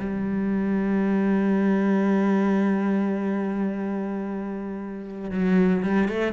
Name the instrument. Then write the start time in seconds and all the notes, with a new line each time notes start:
cello
0.00 G3
5.31 F#3
5.83 G3
6.08 A3